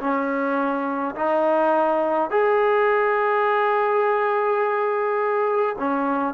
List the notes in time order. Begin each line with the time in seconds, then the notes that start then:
0.00 C#4
1.16 D#4
2.31 G#4
5.79 C#4